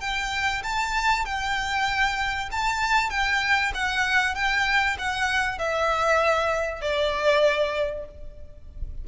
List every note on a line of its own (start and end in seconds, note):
0.00 0.62 G5
0.63 1.25 A5
1.25 2.49 G5
2.52 3.10 A5
3.10 3.72 G5
3.74 4.35 F#5
4.35 4.97 G5
4.98 5.58 F#5
5.58 6.81 E5
6.81 8.05 D5